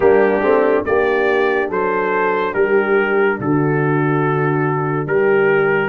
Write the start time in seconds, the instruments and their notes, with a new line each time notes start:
0.00 tuba G3, trombone A#3, horn D4, trumpet G4
0.40 tuba A3, trombone C4
0.84 tuba A#3, trombone D4, horn G4, trumpet D5
1.68 tuba F#3, horn A4, trumpet C5
2.54 tuba G3, horn G4, trumpet A#4
3.39 tuba D3, horn F#4, trumpet A4
5.06 tuba G3, horn G4, trumpet A#4